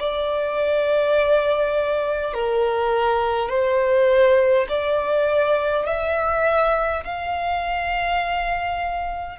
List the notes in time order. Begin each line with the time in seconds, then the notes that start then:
0.00 D5
2.34 A#4
3.50 C5
4.69 D5
5.86 E5
7.04 F5